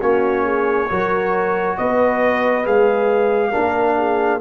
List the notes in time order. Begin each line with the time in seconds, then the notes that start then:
0.00 A#3 C#4 F#4 C#5
0.44 G#4
0.89 F#3 F#4 A#4
1.77 B3 B4 D#5
2.63 G#3 G#4 F5
3.50 D4 A#4
3.56 A#3
3.97 G#4